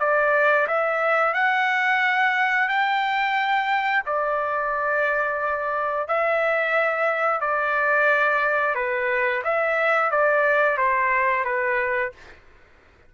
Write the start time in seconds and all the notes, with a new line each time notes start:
0.00 D5
0.68 E5
1.34 F#5
2.69 G5
4.06 D5
6.08 E5
7.41 D5
8.75 B4
9.44 E5
10.11 D5
10.78 C5
11.45 B4